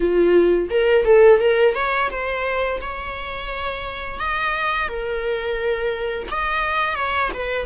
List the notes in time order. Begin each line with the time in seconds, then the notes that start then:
0.00 F4
0.70 A#4
1.04 A4
1.40 A#4
1.74 C#5
2.10 C5
2.81 C#5
4.19 D#5
4.88 A#4
6.30 D#5
6.95 C#5
7.33 B4